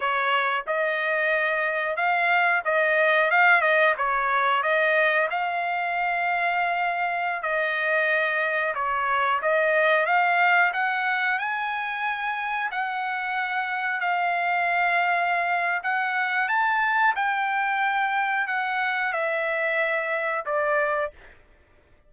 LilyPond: \new Staff \with { instrumentName = "trumpet" } { \time 4/4 \tempo 4 = 91 cis''4 dis''2 f''4 | dis''4 f''8 dis''8 cis''4 dis''4 | f''2.~ f''16 dis''8.~ | dis''4~ dis''16 cis''4 dis''4 f''8.~ |
f''16 fis''4 gis''2 fis''8.~ | fis''4~ fis''16 f''2~ f''8. | fis''4 a''4 g''2 | fis''4 e''2 d''4 | }